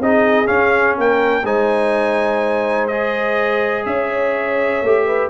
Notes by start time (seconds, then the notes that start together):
0.00 C4 D#4 G#4 D#5
0.47 C#4 F5
0.98 A#3 A#4 G5
1.45 G#3 D#4 C5 G#5
2.88 G#4 D#5
3.86 C#4 C#5 E5
4.83 A3 G4
5.07 B4